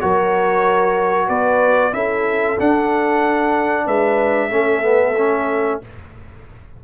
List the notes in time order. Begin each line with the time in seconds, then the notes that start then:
0.00 F#3 F#4 A#4 C#5
1.27 B3 B4 D5
1.92 C#4 E4 A4 E5
2.58 D4 F#5
3.85 G#3 B4 E5
4.50 A3 C#4 A4
4.82 B3
5.17 C#4